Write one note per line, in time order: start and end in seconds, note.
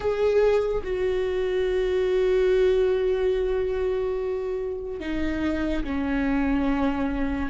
0.00 0.82 G#4
0.83 5.00 F#4
5.00 5.83 D#4
5.84 7.49 C#4